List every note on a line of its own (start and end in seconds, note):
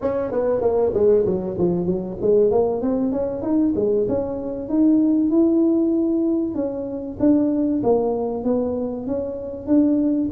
0.01 0.31 C#4
0.31 0.61 B3
0.61 0.92 A#3
0.93 1.25 G#3
1.25 1.57 F#3
1.58 1.86 F3
1.86 2.17 F#3
2.21 2.51 G#3
2.51 2.81 A#3
2.81 3.12 C4
3.12 3.42 C#4
3.42 3.73 D#4
3.75 4.07 G#3
4.08 4.68 C#4
4.68 5.30 D#4
5.30 6.54 E4
6.54 7.17 C#4
7.19 7.82 D4
7.83 8.44 A#3
8.44 9.06 B3
9.07 9.66 C#4
9.66 10.29 D4